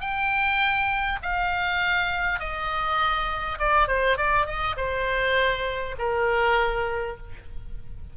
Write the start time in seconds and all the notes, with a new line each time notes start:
0.00 G5
1.22 F5
2.40 D#5
3.59 D5
3.87 C5
4.17 D5
4.46 D#5
4.76 C5
5.98 A#4